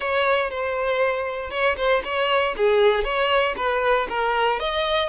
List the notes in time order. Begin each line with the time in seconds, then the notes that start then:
0.00 C#5
0.50 C5
1.50 C#5
1.77 C5
2.04 C#5
2.57 G#4
3.04 C#5
3.56 B4
4.09 A#4
4.59 D#5